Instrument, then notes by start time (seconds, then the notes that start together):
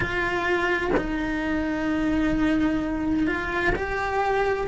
cello
0.00 F4
0.96 D#4
3.26 F4
3.75 G4